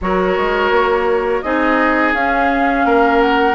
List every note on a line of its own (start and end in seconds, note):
0.01 0.37 F#3
0.01 1.44 F#4
0.01 1.44 A#4
0.01 1.41 C#5
0.37 0.71 G#3
0.71 1.42 A#3
1.41 2.13 C4
1.41 2.15 D#4
1.41 2.85 G#4
1.41 2.12 D#5
2.13 2.84 C#4
2.13 3.55 C#4
2.13 3.21 F5
2.85 3.55 A#3
2.85 3.55 A#4
3.21 3.55 F#5